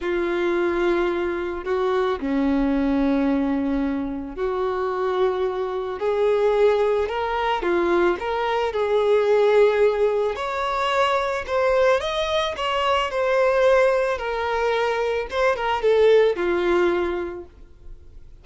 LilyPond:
\new Staff \with { instrumentName = "violin" } { \time 4/4 \tempo 4 = 110 f'2. fis'4 | cis'1 | fis'2. gis'4~ | gis'4 ais'4 f'4 ais'4 |
gis'2. cis''4~ | cis''4 c''4 dis''4 cis''4 | c''2 ais'2 | c''8 ais'8 a'4 f'2 | }